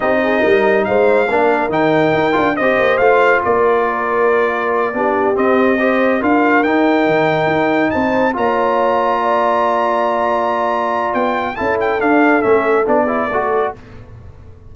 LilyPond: <<
  \new Staff \with { instrumentName = "trumpet" } { \time 4/4 \tempo 4 = 140 dis''2 f''2 | g''2 dis''4 f''4 | d''1~ | d''8 dis''2 f''4 g''8~ |
g''2~ g''8 a''4 ais''8~ | ais''1~ | ais''2 g''4 a''8 g''8 | f''4 e''4 d''2 | }
  \new Staff \with { instrumentName = "horn" } { \time 4/4 g'8 gis'8 ais'4 c''4 ais'4~ | ais'2 c''2 | ais'2.~ ais'8 g'8~ | g'4. c''4 ais'4.~ |
ais'2~ ais'8 c''4 cis''8~ | cis''4. d''2~ d''8~ | d''2. a'4~ | a'2~ a'8 gis'8 a'4 | }
  \new Staff \with { instrumentName = "trombone" } { \time 4/4 dis'2. d'4 | dis'4. f'8 g'4 f'4~ | f'2.~ f'8 d'8~ | d'8 c'4 g'4 f'4 dis'8~ |
dis'2.~ dis'8 f'8~ | f'1~ | f'2. e'4 | d'4 cis'4 d'8 e'8 fis'4 | }
  \new Staff \with { instrumentName = "tuba" } { \time 4/4 c'4 g4 gis4 ais4 | dis4 dis'8 d'8 c'8 ais8 a4 | ais2.~ ais8 b8~ | b8 c'2 d'4 dis'8~ |
dis'8 dis4 dis'4 c'4 ais8~ | ais1~ | ais2 b4 cis'4 | d'4 a4 b4 a4 | }
>>